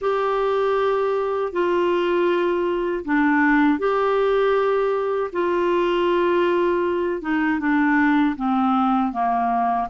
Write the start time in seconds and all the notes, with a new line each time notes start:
0.01 G4
1.52 F4
3.04 D4
3.78 G4
5.32 F4
7.22 D#4
7.59 D4
8.36 C4
9.12 A#3